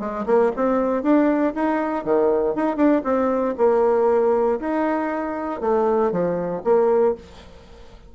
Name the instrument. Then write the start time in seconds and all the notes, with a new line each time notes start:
bassoon
0.00 G#3
0.26 A#3
0.56 C4
1.03 D4
1.55 D#4
2.05 D#3
2.55 D#4
2.77 D4
3.04 C4
3.58 A#3
4.60 D#4
5.61 A3
6.12 F3
6.64 A#3